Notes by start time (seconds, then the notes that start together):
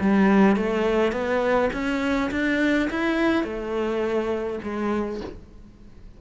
0.00 G3
0.56 A3
1.12 B3
1.73 C#4
2.31 D4
2.91 E4
3.44 A3
4.63 G#3